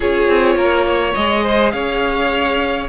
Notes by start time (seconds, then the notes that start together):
0.00 C#4 F4 G#4 C#5
0.28 C4
0.55 A#3 A#4
0.86 C#5
1.14 G#3 G#4 D#5
1.43 C5
1.71 C#4 C#5 F5